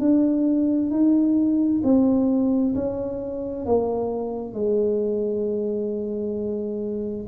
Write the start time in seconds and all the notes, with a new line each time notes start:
0.00 D4
0.91 D#4
1.84 C4
2.75 C#4
3.66 A#3
4.54 G#3